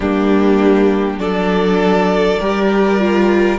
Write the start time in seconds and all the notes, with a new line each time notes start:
0.00 G3 A#3 D4 G4
1.17 F#3 D4 A4 D5
2.39 G3 G4 A#4
2.99 F4